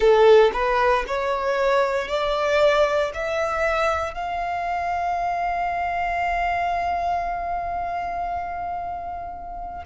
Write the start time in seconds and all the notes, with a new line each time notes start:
0.00 A4
0.53 B4
1.07 C#5
2.07 D5
3.14 E5
4.14 F5